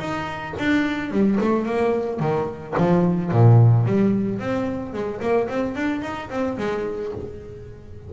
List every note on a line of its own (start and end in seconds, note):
0.00 0.55 D#4
0.59 1.12 D4
1.12 1.39 G3
1.41 1.66 A3
1.66 2.20 A#3
2.20 2.75 D#3
2.78 3.32 F3
3.32 3.87 A#2
3.87 4.40 G3
4.40 4.94 C4
4.94 5.21 G#3
5.21 5.49 A#3
5.49 5.76 C4
5.76 6.02 D4
6.02 6.30 D#4
6.30 6.58 C4
6.58 7.12 G#3